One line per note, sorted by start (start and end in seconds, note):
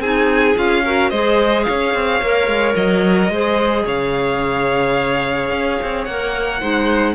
0.00 0.55 C4
0.00 0.56 D#4
0.00 0.83 G#4
0.00 0.57 G#5
0.56 1.12 C#4
0.56 0.83 F4
0.56 1.11 F5
0.84 1.13 F#4
0.84 1.10 A#4
1.10 1.67 G#3
1.10 2.22 G#4
1.10 1.65 C5
1.10 1.64 D#5
1.64 3.33 C#5
1.64 2.74 F5
1.70 1.94 C#4
1.94 2.22 C4
2.22 2.47 A#3
2.22 3.32 A#4
2.47 2.75 G#3
2.76 3.30 F#3
2.76 3.86 D#5
3.30 3.85 G#3
3.30 6.09 G#4
3.30 3.85 C5
3.85 5.51 C#3
3.85 6.60 C#5
3.85 6.05 F5
5.51 5.79 C#4
5.83 6.07 C4
6.05 6.62 A#3
6.05 6.62 A#4
6.05 7.15 F#5
6.60 7.15 G#3
6.60 7.15 D#4
6.60 7.15 C5